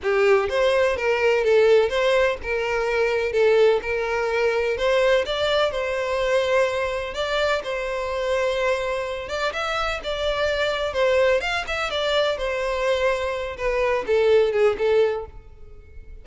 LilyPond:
\new Staff \with { instrumentName = "violin" } { \time 4/4 \tempo 4 = 126 g'4 c''4 ais'4 a'4 | c''4 ais'2 a'4 | ais'2 c''4 d''4 | c''2. d''4 |
c''2.~ c''8 d''8 | e''4 d''2 c''4 | f''8 e''8 d''4 c''2~ | c''8 b'4 a'4 gis'8 a'4 | }